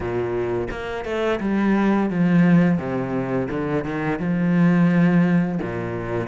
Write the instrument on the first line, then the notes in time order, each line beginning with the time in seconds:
cello
0.00 A#2
0.70 A#3
1.04 A3
1.40 G3
2.10 F3
2.78 C3
3.49 D3
3.84 D#3
4.19 F3
5.61 A#2